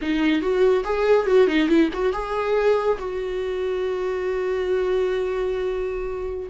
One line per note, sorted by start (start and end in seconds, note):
0.01 0.41 D#4
0.41 0.84 F#4
0.84 1.26 G#4
1.26 1.47 F#4
1.47 1.68 D#4
1.68 1.89 E4
1.93 2.12 F#4
2.12 2.97 G#4
2.99 6.50 F#4